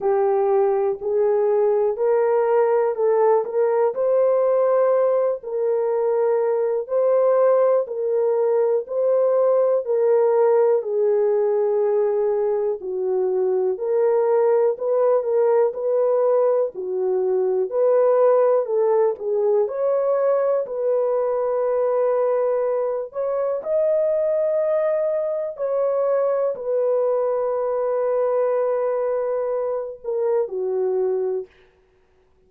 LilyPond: \new Staff \with { instrumentName = "horn" } { \time 4/4 \tempo 4 = 61 g'4 gis'4 ais'4 a'8 ais'8 | c''4. ais'4. c''4 | ais'4 c''4 ais'4 gis'4~ | gis'4 fis'4 ais'4 b'8 ais'8 |
b'4 fis'4 b'4 a'8 gis'8 | cis''4 b'2~ b'8 cis''8 | dis''2 cis''4 b'4~ | b'2~ b'8 ais'8 fis'4 | }